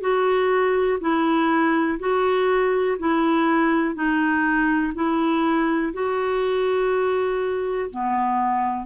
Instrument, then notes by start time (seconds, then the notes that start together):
clarinet
0.00 F#4
1.00 E4
1.99 F#4
2.99 E4
3.94 D#4
4.94 E4
5.93 F#4
7.90 B3